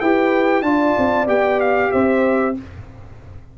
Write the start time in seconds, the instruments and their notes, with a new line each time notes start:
0.00 tuba E4, trombone G4, horn B4, trumpet G5
0.62 tuba D4, trombone F4, horn D5, trumpet A5
0.98 tuba C4
1.26 tuba B3, trombone G4, trumpet G5
1.60 trumpet F5
1.91 tuba C4, horn C5, trumpet E5